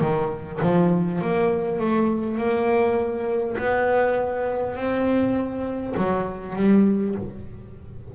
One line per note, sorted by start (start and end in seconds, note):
0.00 0.59 D#3
0.62 1.21 F3
1.21 1.79 A#3
1.79 2.37 A3
2.37 3.56 A#3
3.58 4.75 B3
4.75 5.94 C4
5.96 6.55 F#3
6.55 7.15 G3